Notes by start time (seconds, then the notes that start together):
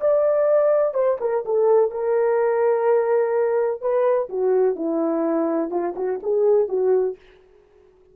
0.00 D5
0.94 C5
1.20 A#4
1.45 A4
1.91 A#4
3.81 B4
4.29 F#4
4.75 E4
5.70 F4
5.96 F#4
6.23 G#4
6.68 F#4